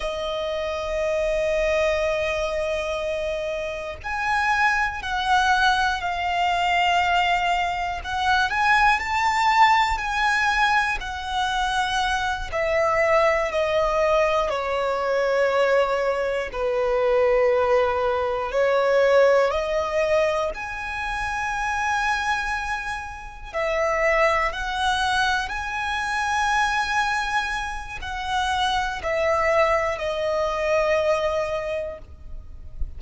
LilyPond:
\new Staff \with { instrumentName = "violin" } { \time 4/4 \tempo 4 = 60 dis''1 | gis''4 fis''4 f''2 | fis''8 gis''8 a''4 gis''4 fis''4~ | fis''8 e''4 dis''4 cis''4.~ |
cis''8 b'2 cis''4 dis''8~ | dis''8 gis''2. e''8~ | e''8 fis''4 gis''2~ gis''8 | fis''4 e''4 dis''2 | }